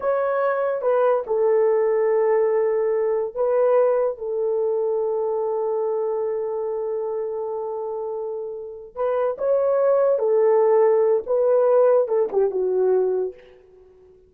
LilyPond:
\new Staff \with { instrumentName = "horn" } { \time 4/4 \tempo 4 = 144 cis''2 b'4 a'4~ | a'1 | b'2 a'2~ | a'1~ |
a'1~ | a'4. b'4 cis''4.~ | cis''8 a'2~ a'8 b'4~ | b'4 a'8 g'8 fis'2 | }